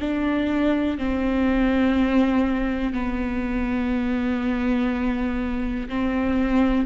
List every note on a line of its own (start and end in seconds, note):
0.00 0.98 D4
0.98 2.93 C4
2.93 5.88 B3
5.89 6.86 C4